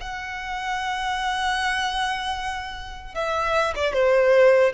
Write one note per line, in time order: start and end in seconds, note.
0.00 3.14 F#5
3.14 3.74 E5
3.75 3.93 D5
3.93 4.72 C5